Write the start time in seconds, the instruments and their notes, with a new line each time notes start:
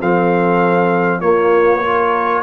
0.00 tuba F3, trombone C4, horn A4, trumpet F5
1.20 tuba A#3, trombone A#3, horn F4, trumpet C#5
1.84 trombone F4, horn A#4